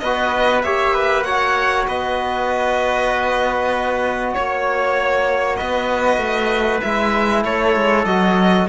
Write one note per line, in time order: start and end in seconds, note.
0.00 0.64 B3
0.00 0.65 F#4
0.00 0.65 B4
0.00 0.62 D#5
0.62 1.87 A#3
0.62 1.27 G4
0.62 0.94 C#5
0.62 1.24 E5
0.94 1.25 B4
1.24 6.83 F#4
1.24 1.87 C#5
1.24 1.86 F#5
1.88 4.35 B3
1.88 4.34 B4
1.88 4.35 D#5
4.34 5.61 A#3
4.34 5.57 C#5
5.57 6.18 B3
5.57 7.43 B4
5.57 6.81 D#5
6.18 6.80 A3
6.81 7.45 G#3
6.81 8.07 E4
6.81 7.43 E5
7.45 7.76 A3
7.45 8.69 A4
7.45 8.06 C#5
7.76 8.05 G#3
8.05 8.67 F#3
8.05 8.69 F#4
8.05 8.67 D#5